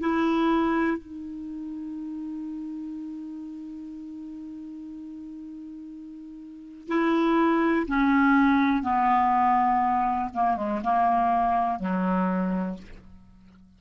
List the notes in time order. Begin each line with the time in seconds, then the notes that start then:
0.00 E4
0.97 D#4
6.88 E4
7.87 C#4
8.83 B3
10.34 A#3
10.57 G#3
10.84 A#3
11.80 F#3